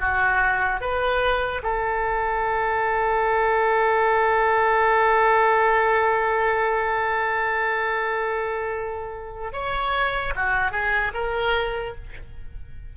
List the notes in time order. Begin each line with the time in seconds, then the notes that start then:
0.00 F#4
0.81 B4
1.63 A4
9.53 C#5
10.36 F#4
10.71 G#4
11.14 A#4